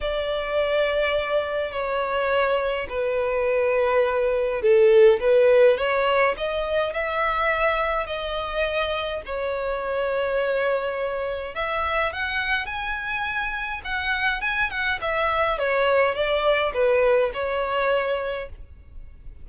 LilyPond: \new Staff \with { instrumentName = "violin" } { \time 4/4 \tempo 4 = 104 d''2. cis''4~ | cis''4 b'2. | a'4 b'4 cis''4 dis''4 | e''2 dis''2 |
cis''1 | e''4 fis''4 gis''2 | fis''4 gis''8 fis''8 e''4 cis''4 | d''4 b'4 cis''2 | }